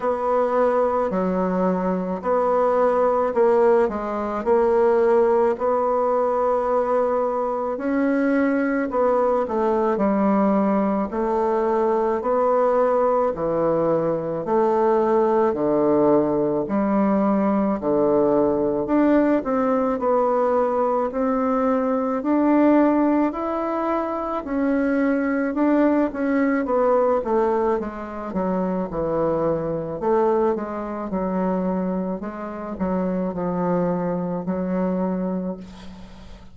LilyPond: \new Staff \with { instrumentName = "bassoon" } { \time 4/4 \tempo 4 = 54 b4 fis4 b4 ais8 gis8 | ais4 b2 cis'4 | b8 a8 g4 a4 b4 | e4 a4 d4 g4 |
d4 d'8 c'8 b4 c'4 | d'4 e'4 cis'4 d'8 cis'8 | b8 a8 gis8 fis8 e4 a8 gis8 | fis4 gis8 fis8 f4 fis4 | }